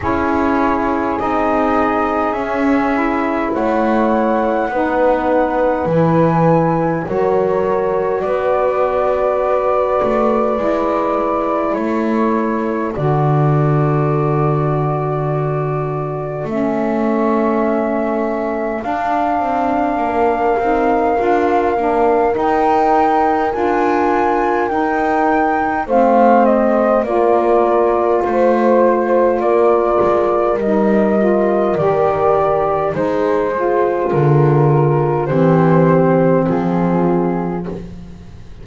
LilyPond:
<<
  \new Staff \with { instrumentName = "flute" } { \time 4/4 \tempo 4 = 51 cis''4 dis''4 e''4 fis''4~ | fis''4 gis''4 cis''4 d''4~ | d''2 cis''4 d''4~ | d''2 e''2 |
f''2. g''4 | gis''4 g''4 f''8 dis''8 d''4 | c''4 d''4 dis''4 d''4 | c''4 ais'4 c''4 gis'4 | }
  \new Staff \with { instrumentName = "horn" } { \time 4/4 gis'2. cis''4 | b'2 ais'4 b'4~ | b'2 a'2~ | a'1~ |
a'4 ais'2.~ | ais'2 c''4 ais'4 | c''4 ais'2. | gis'2 g'4 f'4 | }
  \new Staff \with { instrumentName = "saxophone" } { \time 4/4 e'4 dis'4 cis'8 e'4. | dis'4 e'4 fis'2~ | fis'4 e'2 fis'4~ | fis'2 cis'2 |
d'4. dis'8 f'8 d'8 dis'4 | f'4 dis'4 c'4 f'4~ | f'2 dis'8 f'8 g'4 | dis'8 f'4. c'2 | }
  \new Staff \with { instrumentName = "double bass" } { \time 4/4 cis'4 c'4 cis'4 a4 | b4 e4 fis4 b4~ | b8 a8 gis4 a4 d4~ | d2 a2 |
d'8 c'8 ais8 c'8 d'8 ais8 dis'4 | d'4 dis'4 a4 ais4 | a4 ais8 gis8 g4 dis4 | gis4 d4 e4 f4 | }
>>